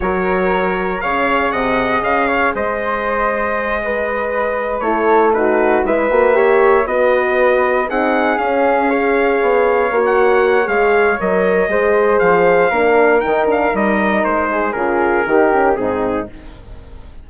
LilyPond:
<<
  \new Staff \with { instrumentName = "trumpet" } { \time 4/4 \tempo 4 = 118 cis''2 f''4 fis''4 | f''4 dis''2.~ | dis''4. cis''4 b'4 e''8~ | e''4. dis''2 fis''8~ |
fis''8 f''2.~ f''16 fis''16~ | fis''4 f''4 dis''2 | f''2 g''8 f''8 dis''4 | c''4 ais'2 gis'4 | }
  \new Staff \with { instrumentName = "flute" } { \time 4/4 ais'2 cis''4 dis''4~ | dis''8 cis''8 c''2~ c''8 b'8~ | b'4. a'4 fis'4 b'8~ | b'8 cis''4 b'2 gis'8~ |
gis'4. cis''2~ cis''8~ | cis''2. c''4~ | c''4 ais'2.~ | ais'8 gis'4. g'4 dis'4 | }
  \new Staff \with { instrumentName = "horn" } { \time 4/4 fis'2 gis'2~ | gis'1~ | gis'4. e'4 dis'4 e'8 | fis'8 g'4 fis'2 dis'8~ |
dis'8 cis'4 gis'2 fis'8~ | fis'4 gis'4 ais'4 gis'4~ | gis'4 d'4 dis'8 d'8 dis'4~ | dis'4 f'4 dis'8 cis'8 c'4 | }
  \new Staff \with { instrumentName = "bassoon" } { \time 4/4 fis2 cis4 c4 | cis4 gis2.~ | gis4. a2 gis8 | ais4. b2 c'8~ |
c'8 cis'2 b4 ais8~ | ais4 gis4 fis4 gis4 | f4 ais4 dis4 g4 | gis4 cis4 dis4 gis,4 | }
>>